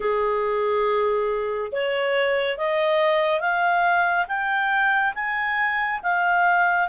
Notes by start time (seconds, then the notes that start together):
0.00 G#4
1.72 C#5
2.57 D#5
3.40 F5
4.28 G5
5.14 G#5
6.02 F5